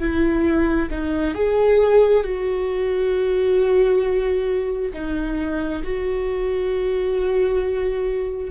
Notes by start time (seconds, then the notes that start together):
0.00 E4
0.91 D#4
1.35 G#4
2.24 F#4
4.94 D#4
5.84 F#4